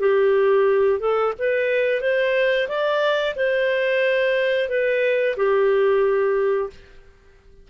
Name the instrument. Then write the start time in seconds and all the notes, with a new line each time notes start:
clarinet
0.00 G4
1.00 A4
1.39 B4
2.01 C5
2.68 D5
3.36 C5
4.69 B4
5.37 G4